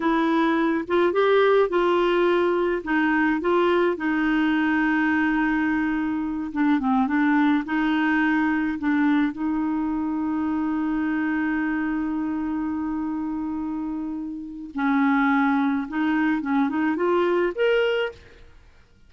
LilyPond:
\new Staff \with { instrumentName = "clarinet" } { \time 4/4 \tempo 4 = 106 e'4. f'8 g'4 f'4~ | f'4 dis'4 f'4 dis'4~ | dis'2.~ dis'8 d'8 | c'8 d'4 dis'2 d'8~ |
d'8 dis'2.~ dis'8~ | dis'1~ | dis'2 cis'2 | dis'4 cis'8 dis'8 f'4 ais'4 | }